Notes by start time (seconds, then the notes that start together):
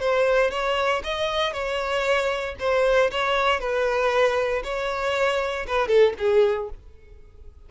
0.00 C5
0.50 C#5
1.03 D#5
1.52 C#5
2.59 C5
3.10 C#5
3.60 B4
4.63 C#5
5.67 B4
5.87 A4
6.18 G#4